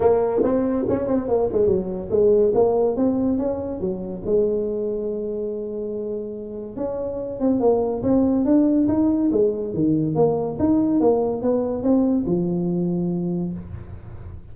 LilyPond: \new Staff \with { instrumentName = "tuba" } { \time 4/4 \tempo 4 = 142 ais4 c'4 cis'8 c'8 ais8 gis8 | fis4 gis4 ais4 c'4 | cis'4 fis4 gis2~ | gis1 |
cis'4. c'8 ais4 c'4 | d'4 dis'4 gis4 dis4 | ais4 dis'4 ais4 b4 | c'4 f2. | }